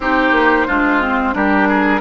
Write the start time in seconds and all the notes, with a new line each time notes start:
0.00 C4 D#4 G4 C5
0.31 A#3
0.67 G#3 D4 F4
1.01 C4
1.33 G3 D4 G4 A#4
1.68 G#4